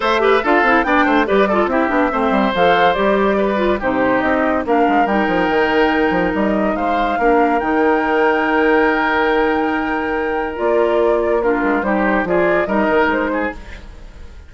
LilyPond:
<<
  \new Staff \with { instrumentName = "flute" } { \time 4/4 \tempo 4 = 142 e''4 f''4 g''4 d''4 | e''2 f''4 d''4~ | d''4 c''4 dis''4 f''4 | g''2. dis''4 |
f''2 g''2~ | g''1~ | g''4 d''2 ais'4 | c''4 d''4 dis''4 c''4 | }
  \new Staff \with { instrumentName = "oboe" } { \time 4/4 c''8 b'8 a'4 d''8 c''8 b'8 a'8 | g'4 c''2. | b'4 g'2 ais'4~ | ais'1 |
c''4 ais'2.~ | ais'1~ | ais'2. f'4 | g'4 gis'4 ais'4. gis'8 | }
  \new Staff \with { instrumentName = "clarinet" } { \time 4/4 a'8 g'8 f'8 e'8 d'4 g'8 f'8 | e'8 d'8 c'4 a'4 g'4~ | g'8 f'8 dis'2 d'4 | dis'1~ |
dis'4 d'4 dis'2~ | dis'1~ | dis'4 f'2 d'4 | dis'4 f'4 dis'2 | }
  \new Staff \with { instrumentName = "bassoon" } { \time 4/4 a4 d'8 c'8 b8 a8 g4 | c'8 b8 a8 g8 f4 g4~ | g4 c4 c'4 ais8 gis8 | g8 f8 dis4. f8 g4 |
gis4 ais4 dis2~ | dis1~ | dis4 ais2~ ais8 gis8 | g4 f4 g8 dis8 gis4 | }
>>